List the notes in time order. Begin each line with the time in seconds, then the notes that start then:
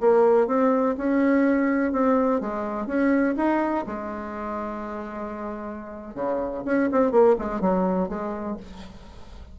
0.00 A#3
0.47 C4
0.97 C#4
1.92 C4
2.40 G#3
2.86 C#4
3.37 D#4
3.86 G#3
6.15 C#3
6.65 C#4
6.92 C4
7.11 A#3
7.38 G#3
7.60 F#3
8.09 G#3